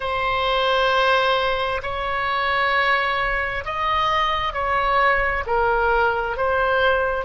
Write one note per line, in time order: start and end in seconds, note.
0.00 1.81 C5
1.82 3.64 C#5
3.64 4.53 D#5
4.53 5.44 C#5
5.46 6.36 A#4
6.36 7.25 C5